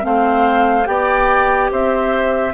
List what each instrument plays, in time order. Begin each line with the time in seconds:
0.00 bassoon A3, clarinet C4, oboe C5, flute F5
0.85 bassoon B3, clarinet G4, oboe D5, flute G5
1.71 bassoon C4, oboe C5, flute E5